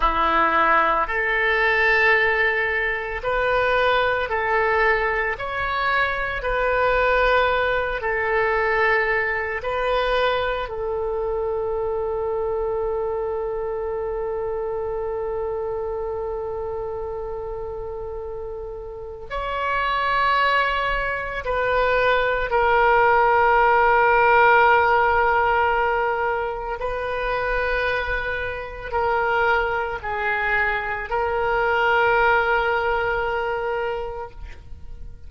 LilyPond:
\new Staff \with { instrumentName = "oboe" } { \time 4/4 \tempo 4 = 56 e'4 a'2 b'4 | a'4 cis''4 b'4. a'8~ | a'4 b'4 a'2~ | a'1~ |
a'2 cis''2 | b'4 ais'2.~ | ais'4 b'2 ais'4 | gis'4 ais'2. | }